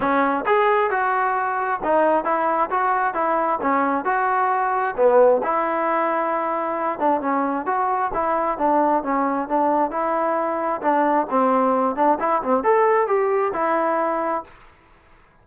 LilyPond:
\new Staff \with { instrumentName = "trombone" } { \time 4/4 \tempo 4 = 133 cis'4 gis'4 fis'2 | dis'4 e'4 fis'4 e'4 | cis'4 fis'2 b4 | e'2.~ e'8 d'8 |
cis'4 fis'4 e'4 d'4 | cis'4 d'4 e'2 | d'4 c'4. d'8 e'8 c'8 | a'4 g'4 e'2 | }